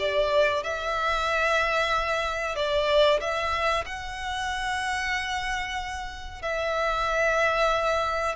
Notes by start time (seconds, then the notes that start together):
0.00 D5
0.63 E5
2.56 D5
3.21 E5
3.86 F#5
6.42 E5